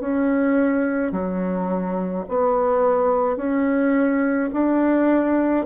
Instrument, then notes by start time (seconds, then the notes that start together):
bassoon
0.00 C#4
1.12 F#3
2.28 B3
3.37 C#4
4.53 D4